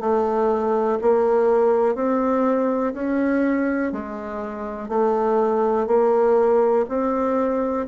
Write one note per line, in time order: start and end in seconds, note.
0.00 0.98 A3
1.01 1.95 A#3
1.95 2.93 C4
2.94 3.92 C#4
3.92 4.89 G#3
4.89 5.87 A3
5.87 6.85 A#3
6.89 7.87 C4